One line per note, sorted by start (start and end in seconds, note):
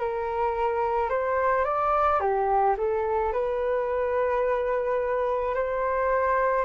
0.00 1.10 A#4
1.10 1.65 C5
1.65 2.21 D5
2.21 2.76 G4
2.78 3.33 A4
3.33 5.55 B4
5.55 6.66 C5